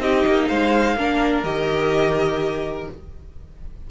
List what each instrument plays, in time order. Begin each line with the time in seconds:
0.00 cello C4, viola D#4, violin G4 D#5
0.27 cello A#3
0.48 cello G#3, violin C5 F5
0.96 cello A#3, viola D4, violin A#4
1.44 cello D#3, viola G4, violin D#5